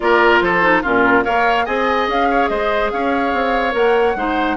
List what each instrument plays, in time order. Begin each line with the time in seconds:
0.00 bassoon A#3, clarinet F4, oboe A#4, flute D5
0.40 bassoon F3, oboe A4, flute C5
0.62 clarinet D#4
0.82 bassoon A#2, clarinet C#4, oboe F4, flute A#4
1.23 bassoon A#3, clarinet A#4, oboe C#5, flute F5
1.65 bassoon C4, clarinet G#4, oboe D#5, flute G#5
2.08 bassoon C#4, flute F5
2.30 oboe C#5
2.48 bassoon G#3, oboe C5, flute D#5
2.91 bassoon C#4, oboe C#5, flute F5
3.33 bassoon C4
3.71 bassoon A#3, clarinet A#4, flute F#5
4.15 bassoon G#3, clarinet D#4, oboe C5